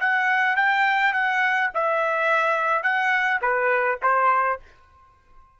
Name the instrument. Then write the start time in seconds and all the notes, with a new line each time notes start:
trumpet
0.00 F#5
0.56 G5
1.13 F#5
1.74 E5
2.83 F#5
3.41 B4
4.02 C5